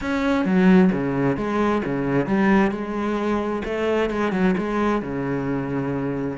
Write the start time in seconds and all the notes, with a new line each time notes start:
0.01 C#4
0.45 F#3
0.92 C#3
1.36 G#3
1.84 C#3
2.26 G3
2.71 G#3
3.65 A3
4.10 G#3
4.32 F#3
4.57 G#3
5.01 C#3